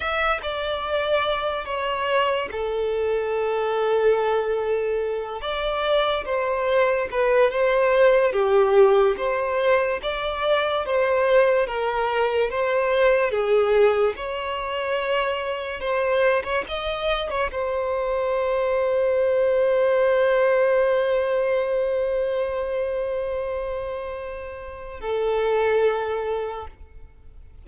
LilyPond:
\new Staff \with { instrumentName = "violin" } { \time 4/4 \tempo 4 = 72 e''8 d''4. cis''4 a'4~ | a'2~ a'8 d''4 c''8~ | c''8 b'8 c''4 g'4 c''4 | d''4 c''4 ais'4 c''4 |
gis'4 cis''2 c''8. cis''16 | dis''8. cis''16 c''2.~ | c''1~ | c''2 a'2 | }